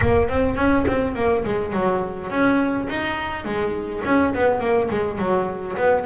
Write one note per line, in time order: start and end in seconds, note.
0.01 0.29 A#3
0.29 0.56 C4
0.56 0.85 C#4
0.87 1.15 C4
1.15 1.43 A#3
1.44 1.72 G#3
1.72 2.30 F#3
2.30 2.87 C#4
2.89 3.44 D#4
3.44 4.02 G#3
4.04 4.33 C#4
4.34 4.60 B3
4.60 4.89 A#3
4.90 5.18 G#3
5.18 5.76 F#3
5.77 6.05 B3